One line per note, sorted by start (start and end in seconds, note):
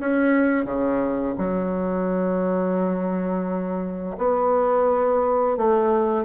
0.00 0.65 C#4
0.65 1.34 C#3
1.38 4.17 F#3
4.18 5.57 B3
5.58 6.25 A3